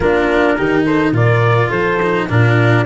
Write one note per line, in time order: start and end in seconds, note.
0.00 0.57 A#3
0.00 0.58 D4
0.00 0.56 F4
0.00 0.83 A#4
0.56 1.12 D#3
0.56 1.14 D#4
0.56 0.85 G4
0.85 1.13 A4
0.85 1.14 C5
1.12 1.69 A#2
1.12 1.99 F4
1.12 1.68 A#4
1.12 1.71 D5
1.68 2.28 F3
1.68 2.26 A4
1.68 2.28 C5
2.02 2.29 D#4
2.29 2.85 A#2
2.29 2.85 D4
2.29 2.85 F4
2.29 2.85 A#4